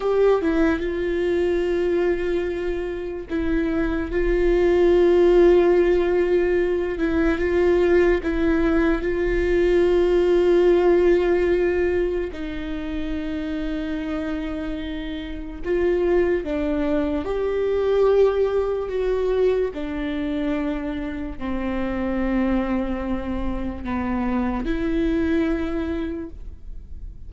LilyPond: \new Staff \with { instrumentName = "viola" } { \time 4/4 \tempo 4 = 73 g'8 e'8 f'2. | e'4 f'2.~ | f'8 e'8 f'4 e'4 f'4~ | f'2. dis'4~ |
dis'2. f'4 | d'4 g'2 fis'4 | d'2 c'2~ | c'4 b4 e'2 | }